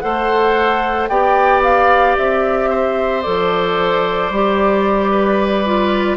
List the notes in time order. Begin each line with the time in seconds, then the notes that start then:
0.00 A3 A4 C5 F#5
1.08 B3 G4 D5 G5
1.63 F5
2.17 C4 E5
2.70 C5
3.22 F3 A4 D5
4.31 G3 G4
5.11 B4
5.66 F4